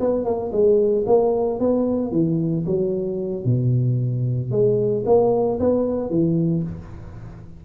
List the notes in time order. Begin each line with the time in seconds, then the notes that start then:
0.00 B3
0.25 A#3
0.52 G#3
1.07 A#3
1.60 B3
2.12 E3
2.66 F#3
3.45 B2
4.51 G#3
5.06 A#3
5.60 B3
6.10 E3